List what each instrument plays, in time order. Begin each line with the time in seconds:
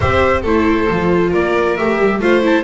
0.00 double bass C4, viola G4, violin C5, trumpet E5
0.41 double bass A3, viola E4, violin A4, trumpet C5
0.90 double bass F3, viola F4
1.30 double bass A#3, violin A#4, trumpet D5
1.76 double bass A3, viola G4, trumpet E5
1.99 double bass G3
2.19 double bass A3, viola F4, violin C5, trumpet F5
2.41 viola E4, trumpet A5